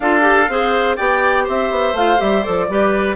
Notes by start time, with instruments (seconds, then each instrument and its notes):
0.00 bassoon D4, clarinet F4, oboe A4, flute F5
0.21 clarinet G4
0.48 bassoon C4, clarinet G#4, oboe C5
0.96 bassoon B3, clarinet G4, oboe D5, flute G5
1.44 bassoon C4, oboe C5, flute E5
1.70 bassoon B3
1.93 bassoon A3, clarinet F4, flute F5
2.17 bassoon G3, clarinet G4, flute E5
2.43 bassoon F3, clarinet A4, flute D5
2.69 bassoon G3, clarinet G4, oboe B4